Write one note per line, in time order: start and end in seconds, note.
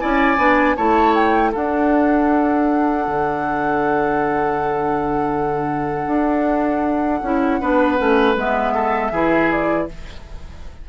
0.00 0.38 C#4
0.00 0.38 E4
0.00 0.77 D5
0.00 0.76 G#5
0.38 0.76 B3
0.38 0.77 D4
0.77 1.55 A3
0.77 1.54 E4
0.77 1.52 C#5
0.77 1.15 A5
1.15 1.53 G5
1.52 7.23 D4
1.52 3.08 D4
1.52 7.59 A4
1.52 8.38 F#5
3.08 6.07 D3
6.07 7.21 D4
7.22 7.60 C#4
7.22 7.61 E4
7.61 8.00 B3
7.61 7.98 D4
7.61 8.74 B4
7.98 8.36 A3
7.98 8.36 C#4
8.36 9.12 G#3
8.36 9.13 B3
8.36 9.51 E5
8.74 9.12 A4
9.12 9.87 E3
9.12 9.89 E4
9.12 9.88 G#4
9.51 9.89 D5